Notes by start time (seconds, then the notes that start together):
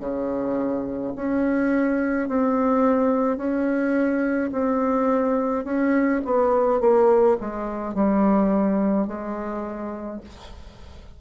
0.00 C#3
1.16 C#4
2.28 C4
3.38 C#4
4.52 C4
5.65 C#4
6.25 B3
6.81 A#3
7.41 G#3
7.95 G3
9.08 G#3